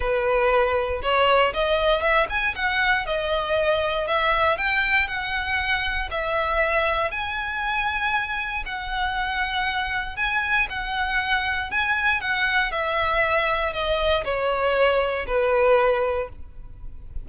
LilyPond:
\new Staff \with { instrumentName = "violin" } { \time 4/4 \tempo 4 = 118 b'2 cis''4 dis''4 | e''8 gis''8 fis''4 dis''2 | e''4 g''4 fis''2 | e''2 gis''2~ |
gis''4 fis''2. | gis''4 fis''2 gis''4 | fis''4 e''2 dis''4 | cis''2 b'2 | }